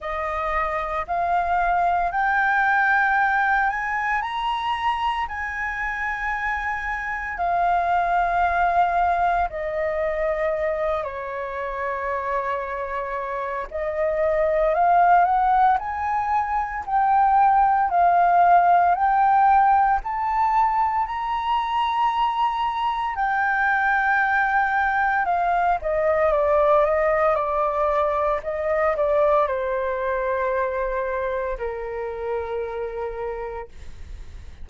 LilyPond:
\new Staff \with { instrumentName = "flute" } { \time 4/4 \tempo 4 = 57 dis''4 f''4 g''4. gis''8 | ais''4 gis''2 f''4~ | f''4 dis''4. cis''4.~ | cis''4 dis''4 f''8 fis''8 gis''4 |
g''4 f''4 g''4 a''4 | ais''2 g''2 | f''8 dis''8 d''8 dis''8 d''4 dis''8 d''8 | c''2 ais'2 | }